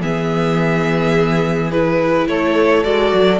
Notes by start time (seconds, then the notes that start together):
0.00 E3 B3 G#4 E5
1.71 E4 B4
2.27 A3 A4 C#5
2.83 G#3 F#4 D5
3.13 F#3